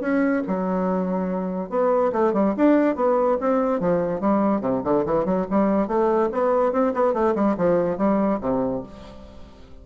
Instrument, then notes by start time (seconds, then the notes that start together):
bassoon
0.00 C#4
0.47 F#3
1.69 B3
2.12 A3
2.33 G3
2.57 D4
2.95 B3
3.40 C4
3.80 F3
4.20 G3
4.61 C3
4.84 D3
5.05 E3
5.25 F#3
5.50 G3
5.87 A3
6.31 B3
6.72 C4
6.94 B3
7.13 A3
7.35 G3
7.57 F3
7.97 G3
8.40 C3